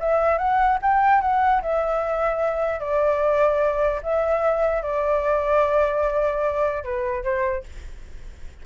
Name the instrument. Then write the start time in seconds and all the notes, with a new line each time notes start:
flute
0.00 E5
0.38 F#5
0.82 G5
1.21 F#5
1.62 E5
2.80 D5
4.03 E5
4.82 D5
6.84 B4
7.24 C5